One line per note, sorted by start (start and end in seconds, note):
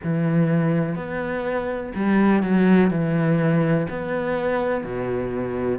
0.03 0.95 E3
0.95 1.92 B3
1.95 2.42 G3
2.42 2.90 F#3
2.90 3.87 E3
3.89 4.84 B3
4.84 5.78 B2